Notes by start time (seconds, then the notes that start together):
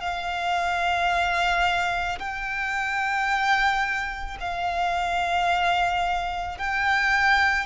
0.00 F5
2.19 G5
4.40 F5
6.58 G5